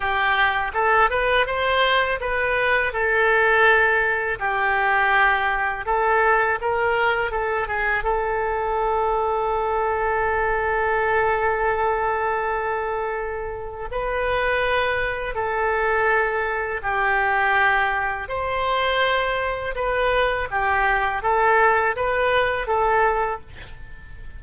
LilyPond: \new Staff \with { instrumentName = "oboe" } { \time 4/4 \tempo 4 = 82 g'4 a'8 b'8 c''4 b'4 | a'2 g'2 | a'4 ais'4 a'8 gis'8 a'4~ | a'1~ |
a'2. b'4~ | b'4 a'2 g'4~ | g'4 c''2 b'4 | g'4 a'4 b'4 a'4 | }